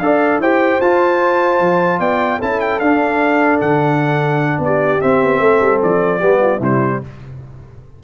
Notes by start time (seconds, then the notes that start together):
0.00 D4 A4 D5 F5
0.39 E4 G4 C5 G5
0.81 F4 A5
1.60 F3
2.00 B3 D5 G5
2.39 C#4 E4 A4 A5
2.61 G5
2.80 D4 F5
3.61 D3 F#5
4.59 B3 D5
4.66 G4
5.01 C4 E5
5.24 B3
5.40 A3 A4
5.61 G3
5.83 F3 D5
6.20 G3 B3 G4
6.42 F4
6.58 C3 E4 C5
6.64 G3